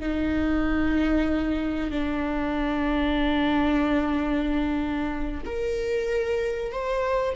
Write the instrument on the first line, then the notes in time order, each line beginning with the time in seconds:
viola
0.00 D#4
1.91 D4
5.46 A#4
6.72 C5